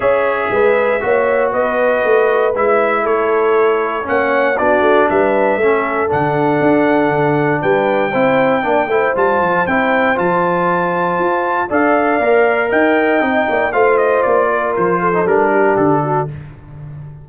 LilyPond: <<
  \new Staff \with { instrumentName = "trumpet" } { \time 4/4 \tempo 4 = 118 e''2. dis''4~ | dis''4 e''4 cis''2 | fis''4 d''4 e''2 | fis''2. g''4~ |
g''2 a''4 g''4 | a''2. f''4~ | f''4 g''2 f''8 dis''8 | d''4 c''4 ais'4 a'4 | }
  \new Staff \with { instrumentName = "horn" } { \time 4/4 cis''4 b'4 cis''4 b'4~ | b'2 a'2 | cis''4 fis'4 b'4 a'4~ | a'2. b'4 |
c''4 d''8 c''2~ c''8~ | c''2. d''4~ | d''4 dis''4. d''8 c''4~ | c''8 ais'4 a'4 g'4 fis'8 | }
  \new Staff \with { instrumentName = "trombone" } { \time 4/4 gis'2 fis'2~ | fis'4 e'2. | cis'4 d'2 cis'4 | d'1 |
e'4 d'8 e'8 f'4 e'4 | f'2. a'4 | ais'2 dis'4 f'4~ | f'4.~ f'16 dis'16 d'2 | }
  \new Staff \with { instrumentName = "tuba" } { \time 4/4 cis'4 gis4 ais4 b4 | a4 gis4 a2 | ais4 b8 a8 g4 a4 | d4 d'4 d4 g4 |
c'4 ais8 a8 g8 f8 c'4 | f2 f'4 d'4 | ais4 dis'4 c'8 ais8 a4 | ais4 f4 g4 d4 | }
>>